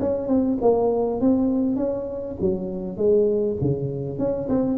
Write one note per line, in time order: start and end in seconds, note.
0.00 0.28 C#4
0.28 0.58 C4
0.62 1.21 A#3
1.21 1.77 C4
1.77 2.37 C#4
2.41 2.97 F#3
2.97 3.57 G#3
3.61 4.19 C#3
4.19 4.49 C#4
4.49 4.78 C4